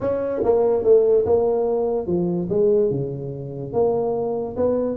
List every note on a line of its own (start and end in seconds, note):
0.00 0.42 C#4
0.43 0.83 A#3
0.83 1.25 A3
1.25 2.06 A#3
2.06 2.48 F3
2.49 2.90 G#3
2.90 3.72 C#3
3.72 4.55 A#3
4.56 4.96 B3